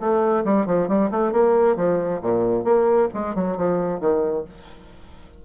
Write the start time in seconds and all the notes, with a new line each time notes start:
0.00 A3
0.45 G3
0.67 F3
0.88 G3
1.11 A3
1.33 A#3
1.76 F3
2.22 A#2
2.64 A#3
3.14 G#3
3.35 F#3
3.57 F3
4.00 D#3